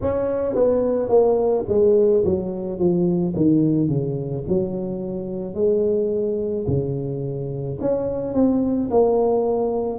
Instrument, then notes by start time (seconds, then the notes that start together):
tuba
0.02 C#4
0.55 B3
1.08 A#3
1.68 G#3
2.24 F#3
2.78 F3
3.36 D#3
3.88 C#3
4.48 F#3
5.54 G#3
6.67 C#3
7.80 C#4
8.33 C4
8.90 A#3